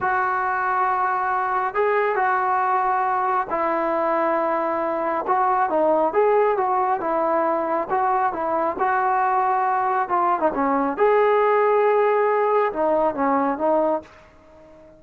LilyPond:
\new Staff \with { instrumentName = "trombone" } { \time 4/4 \tempo 4 = 137 fis'1 | gis'4 fis'2. | e'1 | fis'4 dis'4 gis'4 fis'4 |
e'2 fis'4 e'4 | fis'2. f'8. dis'16 | cis'4 gis'2.~ | gis'4 dis'4 cis'4 dis'4 | }